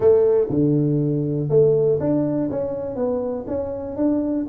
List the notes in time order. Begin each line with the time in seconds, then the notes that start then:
0.00 A3
0.49 D3
1.49 A3
2.00 D4
2.50 C#4
2.95 B3
3.47 C#4
3.96 D4